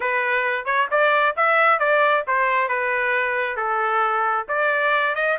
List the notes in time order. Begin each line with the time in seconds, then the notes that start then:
0.00 B4
0.65 C#5
0.90 D5
1.36 E5
1.79 D5
2.27 C5
2.68 B4
3.56 A4
4.48 D5
5.15 D#5